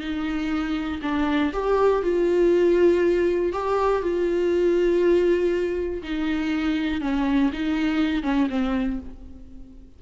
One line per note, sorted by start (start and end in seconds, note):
0.00 1.00 D#4
1.02 1.52 D4
1.52 2.02 G4
2.02 3.52 F4
3.52 4.02 G4
4.02 6.02 F4
6.02 7.01 D#4
7.01 7.51 C#4
7.52 8.22 D#4
8.22 8.47 C#4
8.49 8.99 C4